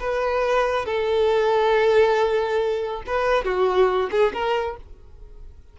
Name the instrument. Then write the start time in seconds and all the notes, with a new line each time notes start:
violin
0.00 B4
0.86 A4
3.07 B4
3.45 F#4
4.11 G#4
4.33 A#4